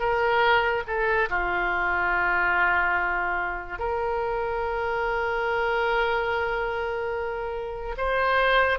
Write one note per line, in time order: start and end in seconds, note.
0.00 0.83 A#4
0.87 1.29 A4
1.30 3.79 F4
3.79 7.95 A#4
7.97 8.79 C5